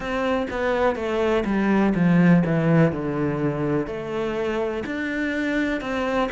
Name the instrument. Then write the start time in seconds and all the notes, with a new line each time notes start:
cello
0.00 C4
0.50 B3
0.95 A3
1.45 G3
1.94 F3
2.45 E3
2.92 D3
3.86 A3
4.86 D4
5.80 C4